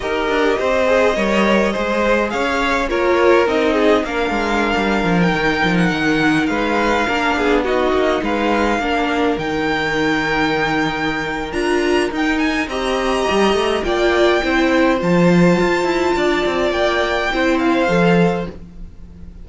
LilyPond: <<
  \new Staff \with { instrumentName = "violin" } { \time 4/4 \tempo 4 = 104 dis''1 | f''4 cis''4 dis''4 f''4~ | f''4 g''4 fis''4~ fis''16 f''8.~ | f''4~ f''16 dis''4 f''4.~ f''16~ |
f''16 g''2.~ g''8. | ais''4 g''8 gis''8 ais''2 | g''2 a''2~ | a''4 g''4. f''4. | }
  \new Staff \with { instrumentName = "violin" } { \time 4/4 ais'4 c''4 cis''4 c''4 | cis''4 ais'4. gis'8 ais'4~ | ais'2.~ ais'16 b'8.~ | b'16 ais'8 gis'8 fis'4 b'4 ais'8.~ |
ais'1~ | ais'2 dis''2 | d''4 c''2. | d''2 c''2 | }
  \new Staff \with { instrumentName = "viola" } { \time 4/4 g'4. gis'8 ais'4 gis'4~ | gis'4 f'4 dis'4 d'4~ | d'4 dis'2.~ | dis'16 d'4 dis'2 d'8.~ |
d'16 dis'2.~ dis'8. | f'4 dis'4 g'2 | f'4 e'4 f'2~ | f'2 e'4 a'4 | }
  \new Staff \with { instrumentName = "cello" } { \time 4/4 dis'8 d'8 c'4 g4 gis4 | cis'4 ais4 c'4 ais8 gis8~ | gis16 g8 f8 dis8 f8 dis4 gis8.~ | gis16 ais8 b4 ais8 gis4 ais8.~ |
ais16 dis2.~ dis8. | d'4 dis'4 c'4 g8 a8 | ais4 c'4 f4 f'8 e'8 | d'8 c'8 ais4 c'4 f4 | }
>>